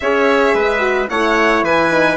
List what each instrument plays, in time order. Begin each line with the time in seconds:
0.00 bassoon C#4, horn G#4, trumpet C#5, violin E5
0.54 bassoon G#3, trumpet B4
0.79 horn F#4
1.09 bassoon A3, horn E4, trumpet C#5, violin F#5
1.62 bassoon E3, trumpet B4, violin G#5
1.90 horn D#4